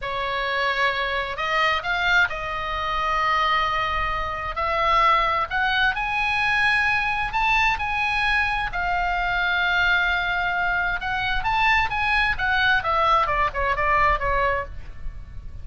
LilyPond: \new Staff \with { instrumentName = "oboe" } { \time 4/4 \tempo 4 = 131 cis''2. dis''4 | f''4 dis''2.~ | dis''2 e''2 | fis''4 gis''2. |
a''4 gis''2 f''4~ | f''1 | fis''4 a''4 gis''4 fis''4 | e''4 d''8 cis''8 d''4 cis''4 | }